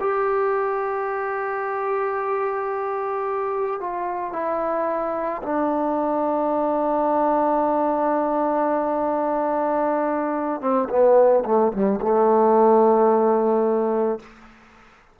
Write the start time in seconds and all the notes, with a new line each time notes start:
0.00 G4
3.80 F4
4.32 E4
5.42 D4
10.61 C4
10.89 B3
11.45 A3
11.73 G3
12.01 A3